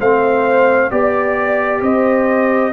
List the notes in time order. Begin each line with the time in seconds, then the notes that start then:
0.00 A3 C4 C5 F5
0.91 B3 G4 D5
1.82 C4 C5 D#5